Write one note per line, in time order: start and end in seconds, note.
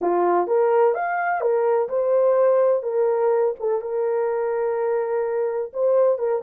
0.01 0.47 F4
0.47 0.94 A#4
0.94 1.40 F5
1.40 1.88 A#4
1.89 2.82 C5
2.82 3.54 A#4
3.59 3.81 A4
3.81 5.71 A#4
5.73 6.18 C5
6.18 6.42 A#4